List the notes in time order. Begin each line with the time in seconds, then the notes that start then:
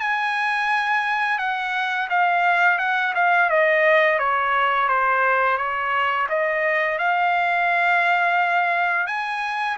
0.00 G#5
1.39 F#5
2.10 F5
2.79 F#5
3.15 F5
3.50 D#5
4.19 C#5
4.88 C5
5.58 C#5
6.29 D#5
6.98 F5
9.07 G#5